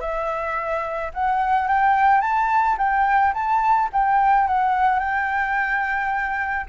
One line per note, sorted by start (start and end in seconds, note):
0.00 1.11 E5
1.14 1.67 F#5
1.67 2.21 G5
2.21 2.76 A5
2.78 3.33 G5
3.34 3.89 A5
3.92 4.47 G5
4.47 4.99 F#5
4.99 6.66 G5